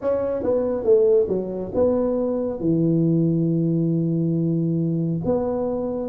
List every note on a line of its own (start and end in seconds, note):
0.01 0.43 C#4
0.43 0.83 B3
0.83 1.27 A3
1.28 1.72 F#3
1.74 2.60 B3
2.60 5.21 E3
5.24 6.09 B3